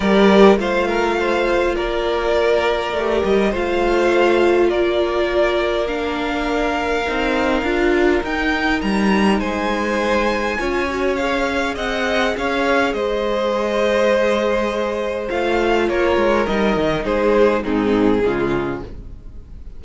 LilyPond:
<<
  \new Staff \with { instrumentName = "violin" } { \time 4/4 \tempo 4 = 102 d''4 f''2 d''4~ | d''4. dis''8 f''2 | d''2 f''2~ | f''2 g''4 ais''4 |
gis''2. f''4 | fis''4 f''4 dis''2~ | dis''2 f''4 cis''4 | dis''4 c''4 gis'2 | }
  \new Staff \with { instrumentName = "violin" } { \time 4/4 ais'4 c''8 ais'8 c''4 ais'4~ | ais'2 c''2 | ais'1~ | ais'1 |
c''2 cis''2 | dis''4 cis''4 c''2~ | c''2. ais'4~ | ais'4 gis'4 dis'4 f'4 | }
  \new Staff \with { instrumentName = "viola" } { \time 4/4 g'4 f'2.~ | f'4 g'4 f'2~ | f'2 d'2 | dis'4 f'4 dis'2~ |
dis'2 f'8 fis'8 gis'4~ | gis'1~ | gis'2 f'2 | dis'2 c'4 gis4 | }
  \new Staff \with { instrumentName = "cello" } { \time 4/4 g4 a2 ais4~ | ais4 a8 g8 a2 | ais1 | c'4 d'4 dis'4 g4 |
gis2 cis'2 | c'4 cis'4 gis2~ | gis2 a4 ais8 gis8 | g8 dis8 gis4 gis,4 cis4 | }
>>